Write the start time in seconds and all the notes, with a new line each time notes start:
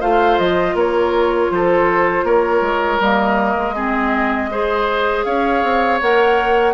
0.00 A3 F4 C5 F5
0.38 F3 D#5
0.74 A#3 A#4 C#5
1.50 F3 A4 C5
2.23 A#3 A#4 C#5
2.61 G#3
2.99 G3 A#3 D#5
3.57 G#3
3.75 C4 G#4
4.50 G#4 C5
5.24 C#4 C#5 F5
5.63 C4
6.01 A#3 A#4 F#5